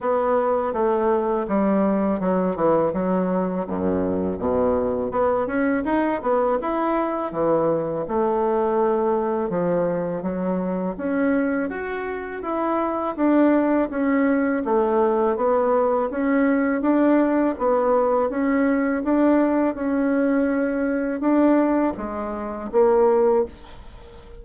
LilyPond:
\new Staff \with { instrumentName = "bassoon" } { \time 4/4 \tempo 4 = 82 b4 a4 g4 fis8 e8 | fis4 fis,4 b,4 b8 cis'8 | dis'8 b8 e'4 e4 a4~ | a4 f4 fis4 cis'4 |
fis'4 e'4 d'4 cis'4 | a4 b4 cis'4 d'4 | b4 cis'4 d'4 cis'4~ | cis'4 d'4 gis4 ais4 | }